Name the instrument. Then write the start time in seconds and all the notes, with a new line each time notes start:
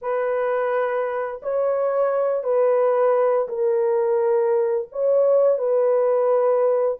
horn
0.01 B4
1.42 C#5
2.43 B4
3.48 A#4
4.92 C#5
5.58 B4